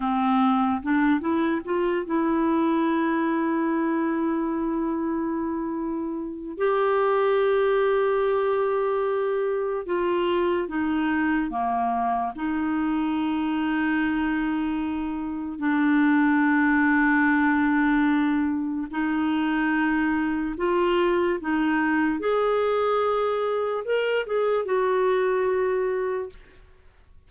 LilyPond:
\new Staff \with { instrumentName = "clarinet" } { \time 4/4 \tempo 4 = 73 c'4 d'8 e'8 f'8 e'4.~ | e'1 | g'1 | f'4 dis'4 ais4 dis'4~ |
dis'2. d'4~ | d'2. dis'4~ | dis'4 f'4 dis'4 gis'4~ | gis'4 ais'8 gis'8 fis'2 | }